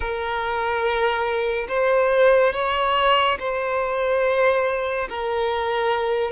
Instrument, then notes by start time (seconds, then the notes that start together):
violin
0.00 A#4
1.68 C5
2.53 C#5
3.39 C5
5.09 A#4